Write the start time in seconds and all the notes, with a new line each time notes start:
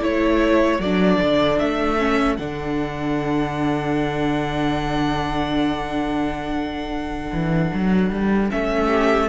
0.00 A3 E4 A4 C#5
0.79 F#3 D4 D5
1.20 D3
1.59 A3 E5
1.98 C#4
2.36 D3 D4 F#5
7.32 E3
7.74 F#3
8.10 G3
8.50 A3 C#4 E5
8.86 G4